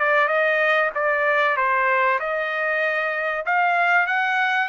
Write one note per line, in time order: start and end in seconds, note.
0.00 0.28 D5
0.28 0.91 D#5
0.95 1.57 D5
1.57 2.20 C5
2.20 3.45 D#5
3.46 4.07 F5
4.07 4.69 F#5